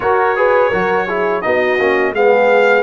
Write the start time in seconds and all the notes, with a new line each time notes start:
0.00 F#4 A#4 C#5
0.35 G#4 B4
0.69 F#3 F#4 A#4
1.06 E4 G#4
1.41 B3 D#4 F#4 D#5
1.79 A#3 C#4
2.12 G#3 B3 G#4 F5